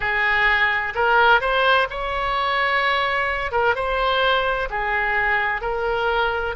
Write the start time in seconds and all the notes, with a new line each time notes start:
0.00 G#4
0.94 A#4
1.40 C5
1.90 C#5
3.51 A#4
3.75 C5
4.70 G#4
5.61 A#4